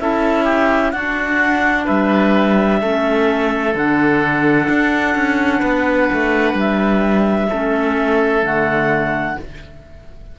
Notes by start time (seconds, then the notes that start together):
0.00 C#4 E4 A4 E5
0.45 G4
0.92 D4 F#4 F#5
1.86 G3 B4 E5
2.81 A3 C#4 A4
3.74 D3 D4 F#5
4.70 D4
5.15 C#4
5.60 B3 B4
6.13 A3
6.54 G3 E5
7.50 A3 C#4 A4
8.43 D3 A3 F#5